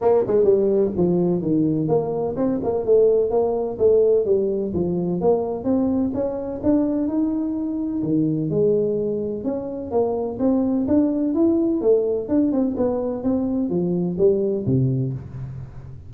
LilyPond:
\new Staff \with { instrumentName = "tuba" } { \time 4/4 \tempo 4 = 127 ais8 gis8 g4 f4 dis4 | ais4 c'8 ais8 a4 ais4 | a4 g4 f4 ais4 | c'4 cis'4 d'4 dis'4~ |
dis'4 dis4 gis2 | cis'4 ais4 c'4 d'4 | e'4 a4 d'8 c'8 b4 | c'4 f4 g4 c4 | }